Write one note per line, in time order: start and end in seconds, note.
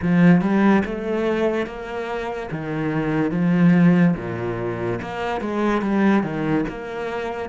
0.02 0.41 F3
0.41 0.83 G3
0.85 1.66 A3
1.66 2.49 A#3
2.51 3.31 D#3
3.31 4.14 F3
4.16 5.00 A#2
5.01 5.40 A#3
5.40 5.81 G#3
5.81 6.23 G3
6.23 6.64 D#3
6.68 7.49 A#3